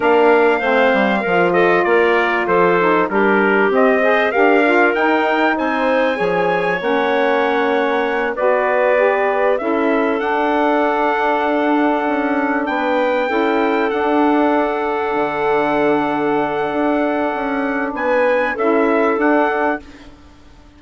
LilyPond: <<
  \new Staff \with { instrumentName = "trumpet" } { \time 4/4 \tempo 4 = 97 f''2~ f''8 dis''8 d''4 | c''4 ais'4 dis''4 f''4 | g''4 gis''2 fis''4~ | fis''4. d''2 e''8~ |
e''8 fis''2.~ fis''8~ | fis''8 g''2 fis''4.~ | fis''1~ | fis''4 gis''4 e''4 fis''4 | }
  \new Staff \with { instrumentName = "clarinet" } { \time 4/4 ais'4 c''4 ais'8 a'8 ais'4 | a'4 g'4. c''8 ais'4~ | ais'4 c''4 cis''2~ | cis''4. b'2 a'8~ |
a'1~ | a'8 b'4 a'2~ a'8~ | a'1~ | a'4 b'4 a'2 | }
  \new Staff \with { instrumentName = "saxophone" } { \time 4/4 d'4 c'4 f'2~ | f'8 dis'8 d'4 c'8 gis'8 g'8 f'8 | dis'2 gis'4 cis'4~ | cis'4. fis'4 g'4 e'8~ |
e'8 d'2.~ d'8~ | d'4. e'4 d'4.~ | d'1~ | d'2 e'4 d'4 | }
  \new Staff \with { instrumentName = "bassoon" } { \time 4/4 ais4 a8 g8 f4 ais4 | f4 g4 c'4 d'4 | dis'4 c'4 f4 ais4~ | ais4. b2 cis'8~ |
cis'8 d'2. cis'8~ | cis'8 b4 cis'4 d'4.~ | d'8 d2~ d8 d'4 | cis'4 b4 cis'4 d'4 | }
>>